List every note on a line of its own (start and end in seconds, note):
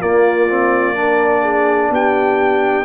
0.00 0.48 A#3
0.00 1.89 A#3
0.00 0.95 F4
0.00 1.92 D5
0.48 0.94 C4
0.94 2.84 D4
0.94 1.42 A#4
1.42 1.90 G#4
1.89 2.84 B3
1.89 2.84 G4
1.89 2.84 G5